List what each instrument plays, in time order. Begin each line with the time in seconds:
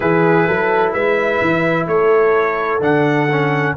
0.00 tuba E3, trombone E4, horn G#4, trumpet B4
0.47 tuba F#3, horn A4
0.92 tuba G#3, horn B4, trumpet E5
1.41 tuba E3
1.87 tuba A3, horn A4, trumpet C#5
2.79 tuba D3, trombone D4, trumpet F#5
3.31 trombone C#4